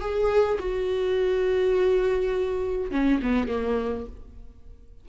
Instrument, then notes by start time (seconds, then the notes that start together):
viola
0.00 G#4
0.59 F#4
2.91 C#4
3.23 B3
3.48 A#3